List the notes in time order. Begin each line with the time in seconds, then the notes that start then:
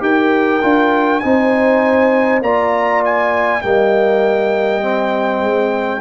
0.00 D#4 G4 A#4 G5
0.61 D4 F4
1.20 C4 D#4 C5 G#5
2.41 A#3 F4 D5 A#5
3.05 G#5
3.61 G3 A#3 D#5 G5
4.81 C4
5.41 G#3